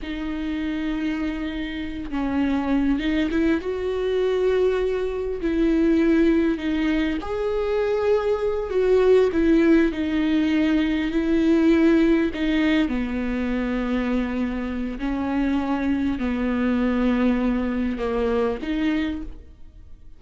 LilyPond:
\new Staff \with { instrumentName = "viola" } { \time 4/4 \tempo 4 = 100 dis'2.~ dis'8 cis'8~ | cis'4 dis'8 e'8 fis'2~ | fis'4 e'2 dis'4 | gis'2~ gis'8 fis'4 e'8~ |
e'8 dis'2 e'4.~ | e'8 dis'4 b2~ b8~ | b4 cis'2 b4~ | b2 ais4 dis'4 | }